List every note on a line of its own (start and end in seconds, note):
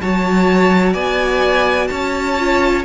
0.00 0.94 F#3
0.00 2.37 F#4
0.00 0.92 C#5
0.00 0.93 A5
0.92 1.89 B3
0.92 1.88 D5
0.92 1.87 G#5
1.87 2.84 C#4
1.87 2.84 C#5
1.87 2.82 A5
2.37 2.84 F4